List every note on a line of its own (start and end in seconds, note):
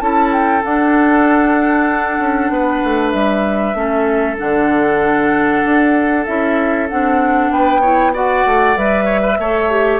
0.00 0.63 C#4
0.00 0.62 E4
0.00 2.52 A4
0.00 0.32 A5
0.32 0.63 G5
0.62 3.74 D4
0.62 2.19 D4
0.62 3.10 F#5
2.19 2.49 C#4
2.49 2.81 B3
2.49 3.77 B4
2.84 3.13 A3
3.10 3.74 G3
3.10 4.35 E5
3.74 4.36 A3
3.74 4.36 C#4
3.74 7.53 A4
4.37 5.64 D3
4.37 6.25 D4
4.37 6.25 F#5
5.64 6.26 D4
6.25 6.90 C#4
6.25 6.89 E4
6.25 6.88 E5
6.89 7.50 C4
6.89 7.83 D4
6.89 7.51 F#5
7.50 8.44 B3
7.50 7.80 B4
7.50 8.14 G5
7.80 8.13 E4
7.80 8.12 C#5
8.13 8.76 F#4
8.13 9.05 D5
8.13 8.77 F#5
8.45 8.76 A3
8.76 9.38 G3
8.76 9.39 B4
8.76 10.00 E5
9.05 9.20 C#5
9.22 9.37 B4
9.38 10.00 A3
9.38 9.70 A4
9.38 10.00 C#5
9.70 10.00 G4